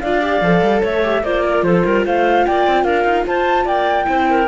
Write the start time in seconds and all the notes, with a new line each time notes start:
0.00 D4 F4 D5 F5
0.21 G4
0.41 F3 A4
0.62 G3
0.81 A3 C#5 E5
1.03 G4
1.23 A#3 F4 C5 D5
1.44 A#4
1.63 F3 A4 C5
1.85 G3 A#4
2.05 A3 C5 F5
2.46 A#3 D5 G5
2.67 C4
2.84 D4 A#4 F5
3.04 D#4
3.26 F4 C5 A5
3.64 A#3 D5 G5
4.05 C4 E4 C5
4.30 A#4